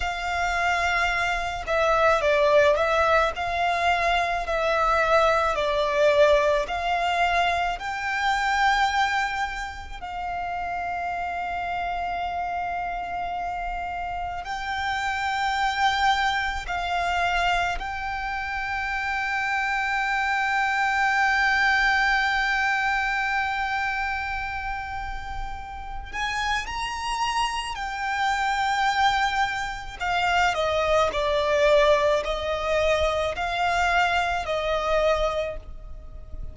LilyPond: \new Staff \with { instrumentName = "violin" } { \time 4/4 \tempo 4 = 54 f''4. e''8 d''8 e''8 f''4 | e''4 d''4 f''4 g''4~ | g''4 f''2.~ | f''4 g''2 f''4 |
g''1~ | g''2.~ g''8 gis''8 | ais''4 g''2 f''8 dis''8 | d''4 dis''4 f''4 dis''4 | }